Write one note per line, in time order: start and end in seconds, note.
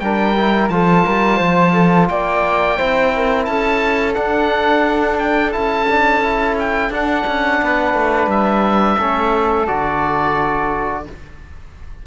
0.00 0.70 G3
0.00 0.36 D4
0.00 0.73 A#4
0.00 0.69 G5
0.37 0.71 E4
0.69 1.04 F3
0.69 2.78 F4
0.69 1.05 A4
0.69 2.07 A5
1.05 1.41 G3
1.05 1.37 A#4
1.37 2.10 F3
1.37 1.71 C5
1.74 2.08 A4
2.09 2.79 A#3
2.09 2.78 D5
2.09 3.45 G5
2.78 3.48 C4
2.78 4.15 E4
2.78 3.12 C5
3.16 3.50 A#4
3.45 4.17 C#4
3.45 7.63 A4
3.45 4.14 A5
4.15 5.52 D4
4.15 5.56 D4
4.15 5.18 F#5
5.19 5.52 G5
5.52 6.90 C#4
5.52 5.87 E4
5.52 6.55 A5
5.90 6.23 D4
6.23 6.92 E4
6.60 6.93 G5
6.90 7.24 D4
6.90 8.99 D4
6.90 8.30 F#5
7.27 7.62 C#4
7.62 7.94 B3
7.62 8.98 B4
7.94 8.27 A3
8.27 8.96 G3
8.27 9.68 E5
8.98 9.68 A3
8.98 9.67 C#4
8.98 11.05 A4
9.67 11.07 D3
9.67 11.05 F#4
9.67 11.05 D5